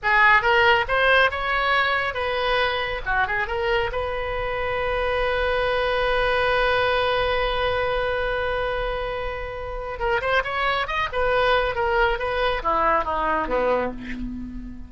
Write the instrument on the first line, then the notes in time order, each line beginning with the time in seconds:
oboe
0.02 G#4
0.42 A#4
0.87 C5
1.30 C#5
2.14 B4
3.05 F#4
3.27 G#4
3.47 A#4
3.92 B4
9.99 A#4
10.21 C5
10.43 C#5
10.87 D#5
11.12 B4
11.75 A#4
12.18 B4
12.62 E4
13.04 D#4
13.47 B3